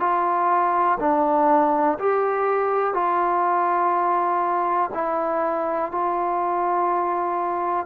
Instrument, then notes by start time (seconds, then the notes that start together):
trombone
0.00 F4
1.00 D4
1.99 G4
2.93 F4
4.94 E4
5.92 F4